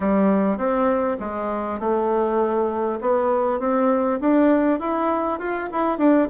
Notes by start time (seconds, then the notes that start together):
0.00 G3
0.57 C4
1.19 G#3
1.79 A3
3.00 B3
3.59 C4
4.20 D4
4.79 E4
5.39 F4
5.72 E4
5.98 D4